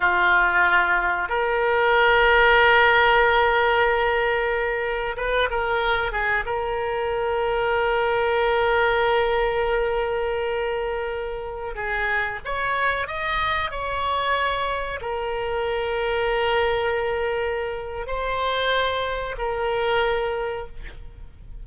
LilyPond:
\new Staff \with { instrumentName = "oboe" } { \time 4/4 \tempo 4 = 93 f'2 ais'2~ | ais'1 | b'8 ais'4 gis'8 ais'2~ | ais'1~ |
ais'2~ ais'16 gis'4 cis''8.~ | cis''16 dis''4 cis''2 ais'8.~ | ais'1 | c''2 ais'2 | }